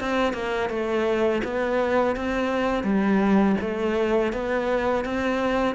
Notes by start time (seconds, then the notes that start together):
0.00 C4
0.33 A#3
0.69 A3
1.44 B3
2.16 C4
2.83 G3
3.60 A3
4.33 B3
5.05 C4